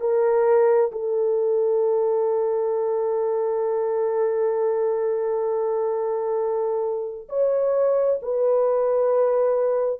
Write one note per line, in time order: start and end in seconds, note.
0.00 0.91 A#4
0.92 7.28 A4
7.29 8.20 C#5
8.22 10.00 B4